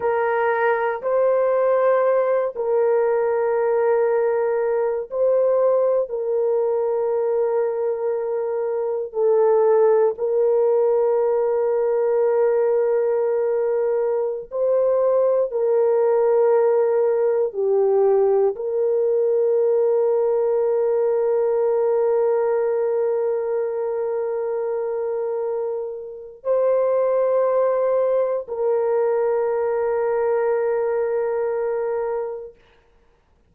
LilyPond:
\new Staff \with { instrumentName = "horn" } { \time 4/4 \tempo 4 = 59 ais'4 c''4. ais'4.~ | ais'4 c''4 ais'2~ | ais'4 a'4 ais'2~ | ais'2~ ais'16 c''4 ais'8.~ |
ais'4~ ais'16 g'4 ais'4.~ ais'16~ | ais'1~ | ais'2 c''2 | ais'1 | }